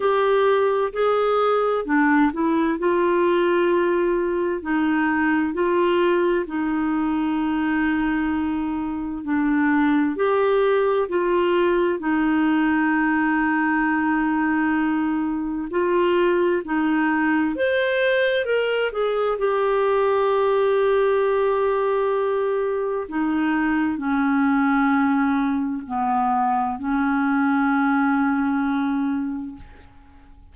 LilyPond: \new Staff \with { instrumentName = "clarinet" } { \time 4/4 \tempo 4 = 65 g'4 gis'4 d'8 e'8 f'4~ | f'4 dis'4 f'4 dis'4~ | dis'2 d'4 g'4 | f'4 dis'2.~ |
dis'4 f'4 dis'4 c''4 | ais'8 gis'8 g'2.~ | g'4 dis'4 cis'2 | b4 cis'2. | }